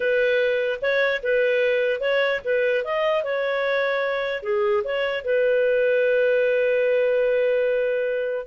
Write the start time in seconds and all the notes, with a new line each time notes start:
0.00 B4
0.81 C#5
1.22 B4
2.00 C#5
2.44 B4
2.84 D#5
3.23 C#5
4.43 G#4
4.84 C#5
5.24 B4